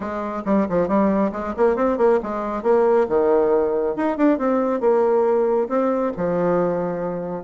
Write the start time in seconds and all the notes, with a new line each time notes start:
0.00 G#3
0.45 G3
0.69 F3
0.88 G3
1.32 G#3
1.56 A#3
1.76 C4
1.97 A#3
2.22 G#3
2.63 A#3
3.09 D#3
3.96 D#4
4.17 D4
4.38 C4
4.80 A#3
5.68 C4
6.17 F3